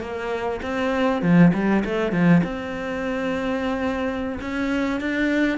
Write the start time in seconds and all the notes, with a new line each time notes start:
0.00 A#3
0.62 C4
1.22 F3
1.53 G3
1.84 A3
2.12 F3
2.43 C4
4.40 C#4
5.00 D4